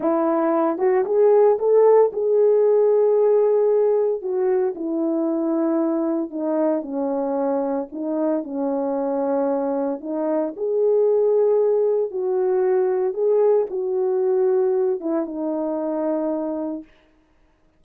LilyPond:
\new Staff \with { instrumentName = "horn" } { \time 4/4 \tempo 4 = 114 e'4. fis'8 gis'4 a'4 | gis'1 | fis'4 e'2. | dis'4 cis'2 dis'4 |
cis'2. dis'4 | gis'2. fis'4~ | fis'4 gis'4 fis'2~ | fis'8 e'8 dis'2. | }